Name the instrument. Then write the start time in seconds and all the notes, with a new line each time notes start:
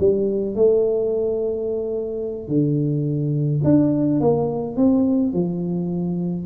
tuba
0.00 G3
0.56 A3
2.48 D3
3.64 D4
4.21 A#3
4.77 C4
5.34 F3